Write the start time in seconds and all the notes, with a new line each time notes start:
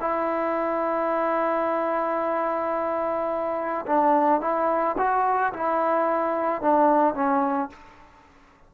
0.00 E4
3.86 D4
4.41 E4
4.98 F#4
5.53 E4
6.62 D4
7.14 C#4